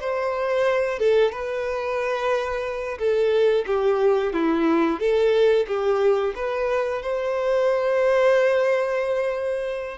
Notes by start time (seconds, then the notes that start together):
0.00 C5
0.98 A4
1.31 B4
2.98 A4
3.66 G4
4.33 E4
4.99 A4
5.67 G4
6.35 B4
7.02 C5